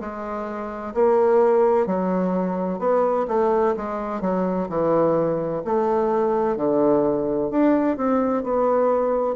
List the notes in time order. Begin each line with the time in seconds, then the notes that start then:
0.00 G#3
0.94 A#3
1.87 F#3
2.79 B3
3.28 A3
3.76 G#3
4.21 F#3
4.69 E3
5.65 A3
6.57 D3
7.50 D4
7.97 C4
8.43 B3